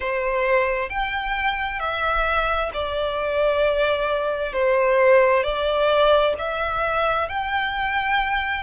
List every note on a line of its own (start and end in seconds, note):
0.00 0.89 C5
0.89 1.79 G5
1.79 2.70 E5
2.73 4.52 D5
4.52 5.43 C5
5.43 6.34 D5
6.38 7.29 E5
7.29 8.63 G5